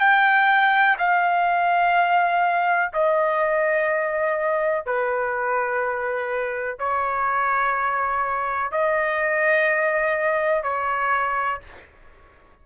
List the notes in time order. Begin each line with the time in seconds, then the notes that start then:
0.00 G5
0.99 F5
2.93 D#5
4.86 B4
6.79 C#5
8.72 D#5
10.64 C#5